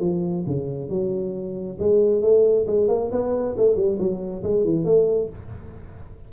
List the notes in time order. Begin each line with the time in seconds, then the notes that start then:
0.00 F3
0.47 C#3
0.89 F#3
1.79 G#3
2.22 A3
2.67 G#3
2.88 A#3
3.11 B3
3.57 A3
3.76 G3
3.99 F#3
4.43 G#3
4.64 E3
4.85 A3